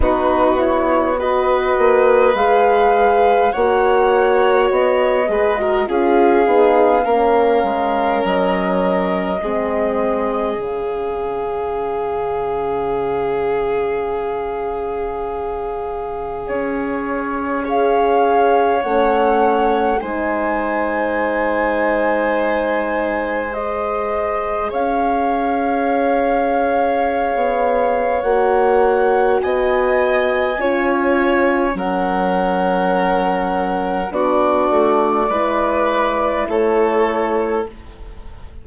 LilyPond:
<<
  \new Staff \with { instrumentName = "flute" } { \time 4/4 \tempo 4 = 51 b'8 cis''8 dis''4 f''4 fis''4 | dis''4 f''2 dis''4~ | dis''4 f''2.~ | f''2 cis''4 f''4 |
fis''4 gis''2. | dis''4 f''2. | fis''4 gis''2 fis''4~ | fis''4 d''2 cis''4 | }
  \new Staff \with { instrumentName = "violin" } { \time 4/4 fis'4 b'2 cis''4~ | cis''8 b'16 ais'16 gis'4 ais'2 | gis'1~ | gis'2. cis''4~ |
cis''4 c''2.~ | c''4 cis''2.~ | cis''4 dis''4 cis''4 ais'4~ | ais'4 fis'4 b'4 a'4 | }
  \new Staff \with { instrumentName = "horn" } { \time 4/4 dis'8 e'8 fis'4 gis'4 fis'4~ | fis'8 gis'16 fis'16 f'8 dis'8 cis'2 | c'4 cis'2.~ | cis'2. gis'4 |
cis'4 dis'2. | gis'1 | fis'2 f'4 cis'4~ | cis'4 d'4 e'2 | }
  \new Staff \with { instrumentName = "bassoon" } { \time 4/4 b4. ais8 gis4 ais4 | b8 gis8 cis'8 b8 ais8 gis8 fis4 | gis4 cis2.~ | cis2 cis'2 |
a4 gis2.~ | gis4 cis'2~ cis'16 b8. | ais4 b4 cis'4 fis4~ | fis4 b8 a8 gis4 a4 | }
>>